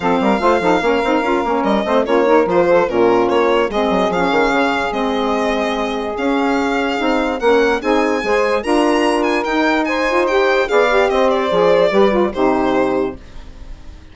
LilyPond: <<
  \new Staff \with { instrumentName = "violin" } { \time 4/4 \tempo 4 = 146 f''1 | dis''4 cis''4 c''4 ais'4 | cis''4 dis''4 f''2 | dis''2. f''4~ |
f''2 fis''4 gis''4~ | gis''4 ais''4. gis''8 g''4 | gis''4 g''4 f''4 dis''8 d''8~ | d''2 c''2 | }
  \new Staff \with { instrumentName = "saxophone" } { \time 4/4 a'8 ais'8 c''8 a'8 ais'2~ | ais'8 c''8 f'8 ais'4 a'8 f'4~ | f'4 gis'2.~ | gis'1~ |
gis'2 ais'4 gis'4 | c''4 ais'2. | c''2 d''4 c''4~ | c''4 b'4 g'2 | }
  \new Staff \with { instrumentName = "saxophone" } { \time 4/4 c'4 f'8 dis'8 cis'8 dis'8 f'8 cis'8~ | cis'8 c'8 cis'8 dis'8 f'4 cis'4~ | cis'4 c'4 cis'2 | c'2. cis'4~ |
cis'4 dis'4 cis'4 dis'4 | gis'4 f'2 dis'4~ | dis'8 f'8 g'4 gis'8 g'4. | gis'4 g'8 f'8 dis'2 | }
  \new Staff \with { instrumentName = "bassoon" } { \time 4/4 f8 g8 a8 f8 ais8 c'8 cis'8 ais8 | g8 a8 ais4 f4 ais,4 | ais4 gis8 fis8 f8 dis8 cis4 | gis2. cis'4~ |
cis'4 c'4 ais4 c'4 | gis4 d'2 dis'4~ | dis'2 b4 c'4 | f4 g4 c2 | }
>>